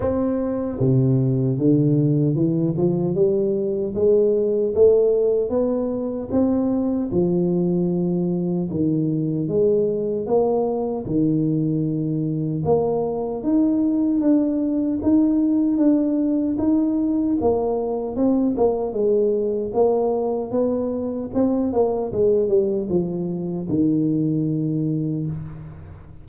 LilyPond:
\new Staff \with { instrumentName = "tuba" } { \time 4/4 \tempo 4 = 76 c'4 c4 d4 e8 f8 | g4 gis4 a4 b4 | c'4 f2 dis4 | gis4 ais4 dis2 |
ais4 dis'4 d'4 dis'4 | d'4 dis'4 ais4 c'8 ais8 | gis4 ais4 b4 c'8 ais8 | gis8 g8 f4 dis2 | }